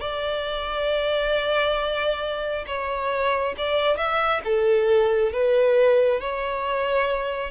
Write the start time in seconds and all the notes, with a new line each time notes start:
0.00 D5
2.67 C#5
3.57 D5
3.97 E5
4.44 A4
5.32 B4
6.20 C#5